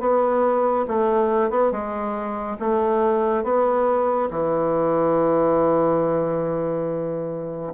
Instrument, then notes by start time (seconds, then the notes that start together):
bassoon
0.00 B3
0.88 A3
1.50 B3
1.72 G#3
2.59 A3
3.44 B3
4.31 E3